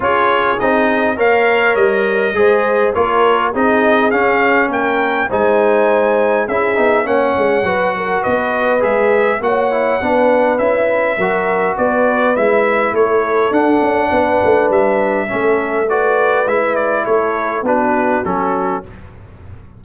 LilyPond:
<<
  \new Staff \with { instrumentName = "trumpet" } { \time 4/4 \tempo 4 = 102 cis''4 dis''4 f''4 dis''4~ | dis''4 cis''4 dis''4 f''4 | g''4 gis''2 e''4 | fis''2 dis''4 e''4 |
fis''2 e''2 | d''4 e''4 cis''4 fis''4~ | fis''4 e''2 d''4 | e''8 d''8 cis''4 b'4 a'4 | }
  \new Staff \with { instrumentName = "horn" } { \time 4/4 gis'2 cis''2 | c''4 ais'4 gis'2 | ais'4 c''2 gis'4 | cis''4 b'8 ais'8 b'2 |
cis''4 b'2 ais'4 | b'2 a'2 | b'2 a'4 b'4~ | b'4 a'4 fis'2 | }
  \new Staff \with { instrumentName = "trombone" } { \time 4/4 f'4 dis'4 ais'2 | gis'4 f'4 dis'4 cis'4~ | cis'4 dis'2 e'8 dis'8 | cis'4 fis'2 gis'4 |
fis'8 e'8 d'4 e'4 fis'4~ | fis'4 e'2 d'4~ | d'2 cis'4 fis'4 | e'2 d'4 cis'4 | }
  \new Staff \with { instrumentName = "tuba" } { \time 4/4 cis'4 c'4 ais4 g4 | gis4 ais4 c'4 cis'4 | ais4 gis2 cis'8 b8 | ais8 gis8 fis4 b4 gis4 |
ais4 b4 cis'4 fis4 | b4 gis4 a4 d'8 cis'8 | b8 a8 g4 a2 | gis4 a4 b4 fis4 | }
>>